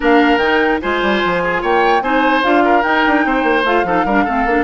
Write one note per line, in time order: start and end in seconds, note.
0.00 0.36 A#3
0.00 0.40 D4
0.00 0.80 A#4
0.00 0.38 F5
0.36 0.77 D#3
0.36 0.81 D#4
0.36 0.78 G5
0.81 1.02 G#3
0.81 2.02 F4
0.81 1.42 C5
0.81 1.62 G#5
1.02 1.22 G3
1.25 1.63 F3
1.43 1.62 G#4
1.62 2.01 A#3
1.62 2.02 C#5
1.62 2.02 G5
2.01 2.42 C4
2.01 2.43 D#4
2.01 2.63 C5
2.01 2.42 G#5
2.43 2.84 D4
2.43 2.82 F4
2.43 2.82 F5
2.64 3.25 A#4
2.82 3.63 D#4
2.82 3.04 D#4
2.82 3.63 G5
3.07 3.25 D4
3.25 3.43 C4
3.25 3.86 C5
3.43 3.63 A#3
3.64 3.83 A3
3.64 3.86 F4
3.64 4.64 F5
3.83 4.03 F3
3.83 4.06 D#4
3.83 4.05 A4
4.05 4.25 G3
4.05 4.27 D4
4.05 4.24 A#4
4.24 4.45 A3
4.24 4.47 C4
4.24 4.64 A4
4.45 4.64 A#3
4.45 4.64 D4